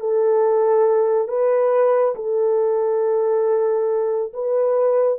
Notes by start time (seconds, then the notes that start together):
0.00 A4
1.28 B4
2.15 A4
4.33 B4